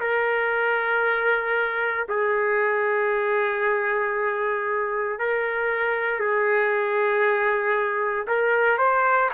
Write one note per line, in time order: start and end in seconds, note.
0.00 2.07 A#4
2.08 5.19 G#4
5.19 6.19 A#4
6.19 8.26 G#4
8.27 8.78 A#4
8.78 9.30 C5